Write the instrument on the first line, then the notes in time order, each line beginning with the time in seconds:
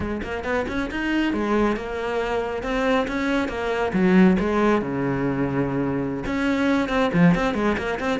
cello
0.00 G#3
0.22 A#3
0.44 B3
0.68 C#4
0.90 D#4
1.33 G#3
1.76 A#3
2.63 C4
3.07 C#4
3.48 A#3
3.93 F#3
4.39 G#3
4.81 C#3
6.25 C#4
6.88 C4
7.13 F3
7.34 C4
7.54 G#3
7.77 A#3
7.99 C4